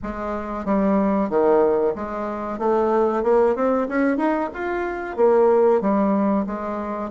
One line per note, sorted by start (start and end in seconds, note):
0.03 0.65 G#3
0.65 1.29 G3
1.29 1.94 D#3
1.95 2.58 G#3
2.58 3.23 A3
3.23 3.55 A#3
3.55 3.87 C4
3.88 4.17 C#4
4.17 4.49 D#4
4.53 5.16 F4
5.16 5.81 A#3
5.81 6.45 G3
6.46 7.10 G#3